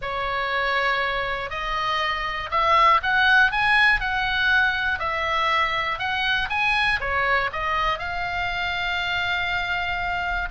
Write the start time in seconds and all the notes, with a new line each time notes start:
0.01 C#5
1.50 D#5
2.50 E5
3.02 F#5
3.51 G#5
4.00 F#5
4.99 E5
5.98 F#5
6.49 G#5
7.00 C#5
7.52 D#5
7.98 F5